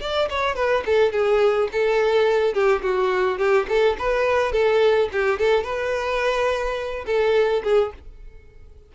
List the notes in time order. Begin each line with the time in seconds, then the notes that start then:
0.00 D5
0.30 C#5
0.55 B4
0.85 A4
1.12 G#4
1.72 A4
2.53 G4
2.82 F#4
3.38 G4
3.68 A4
3.99 B4
4.52 A4
5.12 G4
5.39 A4
5.63 B4
7.06 A4
7.63 G#4